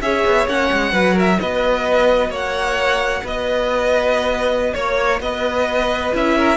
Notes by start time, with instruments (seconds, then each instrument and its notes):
0.00 cello C#4, viola G#4, violin C#5 E5
0.25 cello B3
0.46 cello A#3, viola C#4, violin F#5
0.72 cello G#3
0.92 cello F#3, viola F#4, violin B4
1.13 violin A#4 E5
1.40 cello B3, violin B4 D#5
2.29 cello A#3, violin C#5 F#5
3.23 cello B3, violin B4 D#5
4.73 cello A#3, violin C#5
5.20 cello B3, violin B4 D#5
6.12 cello C#4, viola E4, violin E5
6.37 violin A#4